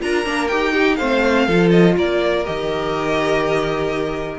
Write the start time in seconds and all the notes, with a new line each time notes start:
0.00 D4 F4 A#4 A#5
0.24 A#3 D4
0.47 D#4 G4 G5
0.73 D#4 G4
0.96 A3 C4 C5 F5
1.46 F3 F4 A4
1.70 D#5
1.96 A#3 A#4 D5
2.44 D#3 G4 D#5